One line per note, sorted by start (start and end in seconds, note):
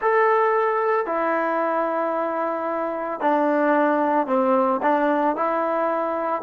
0.01 1.06 A4
1.06 3.20 E4
3.20 4.26 D4
4.26 4.80 C4
4.82 5.36 D4
5.36 6.42 E4